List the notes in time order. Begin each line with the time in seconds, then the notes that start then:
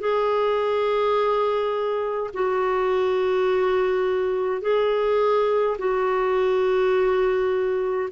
0.00 G#4
2.34 F#4
4.62 G#4
5.78 F#4